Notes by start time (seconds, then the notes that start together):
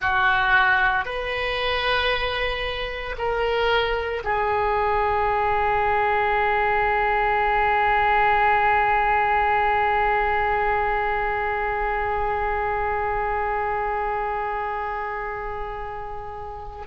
0.00 F#4
1.05 B4
3.18 A#4
4.23 G#4